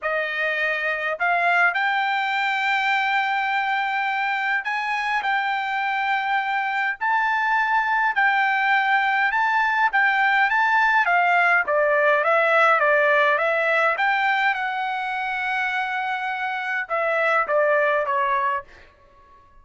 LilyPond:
\new Staff \with { instrumentName = "trumpet" } { \time 4/4 \tempo 4 = 103 dis''2 f''4 g''4~ | g''1 | gis''4 g''2. | a''2 g''2 |
a''4 g''4 a''4 f''4 | d''4 e''4 d''4 e''4 | g''4 fis''2.~ | fis''4 e''4 d''4 cis''4 | }